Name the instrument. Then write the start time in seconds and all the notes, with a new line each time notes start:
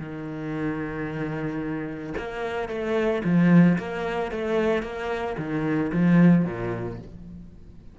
cello
0.00 D#3
2.18 A#3
2.69 A3
3.25 F3
3.79 A#3
4.32 A3
4.83 A#3
5.38 D#3
5.93 F3
6.46 A#2